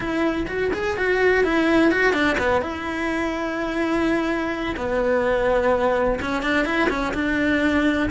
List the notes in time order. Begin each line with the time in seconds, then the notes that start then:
0.00 E4
0.47 F#4
0.73 G#4
0.97 F#4
1.44 E4
1.91 F#4
2.13 D4
2.38 B3
2.61 E4
4.76 B3
6.21 C#4
6.42 D4
6.65 E4
6.89 C#4
7.14 D4